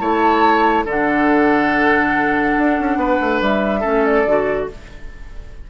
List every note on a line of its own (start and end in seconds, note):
0.00 0.85 A3
0.00 0.86 E4
0.00 0.85 C#5
0.00 0.85 A5
0.85 2.55 D3
0.85 3.83 D4
0.85 2.98 A4
0.85 3.43 F#5
2.59 2.80 D4
2.80 2.96 C#4
2.96 3.18 B3
2.96 3.81 B4
3.21 3.41 A3
3.41 3.84 G3
3.41 4.05 E5
3.81 4.25 A3
3.81 4.25 C#4
3.81 4.66 A4
4.05 4.69 D5
4.25 4.68 D3
4.25 4.70 F#4